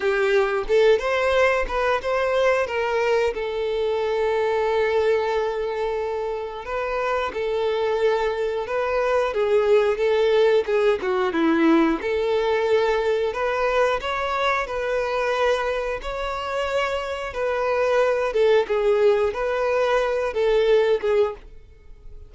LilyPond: \new Staff \with { instrumentName = "violin" } { \time 4/4 \tempo 4 = 90 g'4 a'8 c''4 b'8 c''4 | ais'4 a'2.~ | a'2 b'4 a'4~ | a'4 b'4 gis'4 a'4 |
gis'8 fis'8 e'4 a'2 | b'4 cis''4 b'2 | cis''2 b'4. a'8 | gis'4 b'4. a'4 gis'8 | }